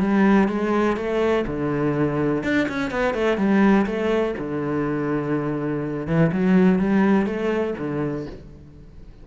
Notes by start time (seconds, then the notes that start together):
0.00 G3
0.48 G#3
0.97 A3
1.47 D3
2.43 D4
2.69 C#4
2.91 B3
3.15 A3
3.38 G3
3.86 A3
4.38 D3
6.07 E3
6.32 F#3
6.79 G3
7.26 A3
7.78 D3